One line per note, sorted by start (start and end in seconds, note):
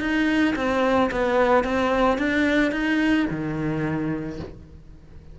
0.00 0.55 D#4
0.56 1.10 C4
1.11 1.64 B3
1.64 2.18 C4
2.18 2.72 D4
2.72 3.26 D#4
3.30 4.39 D#3